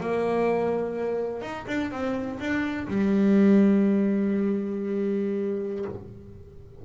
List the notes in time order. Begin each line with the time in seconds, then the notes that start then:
0.00 A#3
1.42 D#4
1.67 D4
1.91 C4
2.39 D4
2.87 G3